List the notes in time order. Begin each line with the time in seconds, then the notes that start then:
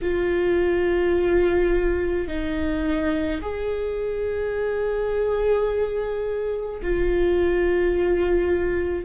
0.01 F4
2.27 D#4
3.41 G#4
6.82 F4